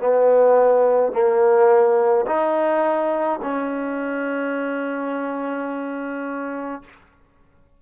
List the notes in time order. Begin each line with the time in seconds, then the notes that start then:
0.00 B3
1.13 A#3
2.26 D#4
3.42 C#4